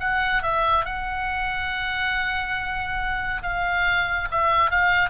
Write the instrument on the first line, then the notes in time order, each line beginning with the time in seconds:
oboe
0.00 F#5
0.42 E5
0.85 F#5
3.42 F5
4.31 E5
4.71 F5